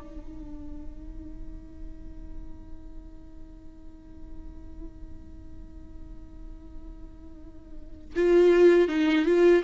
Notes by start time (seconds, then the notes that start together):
0.00 D#4
8.16 F4
8.88 D#4
9.26 F4